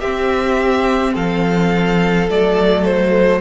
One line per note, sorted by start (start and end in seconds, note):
0.00 2.27 C4
0.00 1.16 C4
0.00 1.13 G4
0.00 1.13 E5
1.13 2.29 F3
1.13 3.39 A4
1.13 2.29 F5
2.29 3.40 F#3
2.29 3.40 A3
2.29 2.84 D5
2.84 3.40 C5